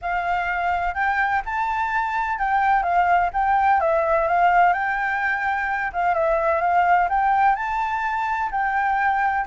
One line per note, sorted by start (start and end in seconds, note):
0.01 0.94 F5
0.94 1.42 G5
1.45 2.39 A5
2.39 2.82 G5
2.82 3.30 F5
3.33 3.80 G5
3.80 4.27 E5
4.27 4.73 F5
4.73 5.91 G5
5.92 6.14 F5
6.14 6.61 E5
6.61 7.08 F5
7.09 7.55 G5
7.55 8.50 A5
8.51 9.45 G5